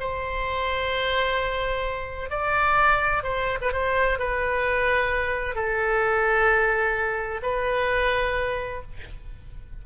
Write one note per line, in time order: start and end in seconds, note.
0.00 2.30 C5
2.30 3.23 D5
3.23 3.58 C5
3.61 3.72 B4
3.72 4.19 C5
4.19 5.55 B4
5.55 7.41 A4
7.42 8.82 B4